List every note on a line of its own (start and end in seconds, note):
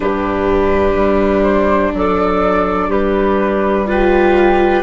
0.00 0.95 G2
0.00 3.86 D4
0.00 1.94 G4
0.00 1.43 B4
0.95 1.92 G3
1.43 1.91 C5
1.93 2.88 F#3
1.93 2.89 A4
1.93 2.91 D5
2.88 4.82 G3
2.88 3.85 G4
2.88 3.87 B4
3.86 4.83 F4
3.86 4.83 G4
3.86 4.83 B4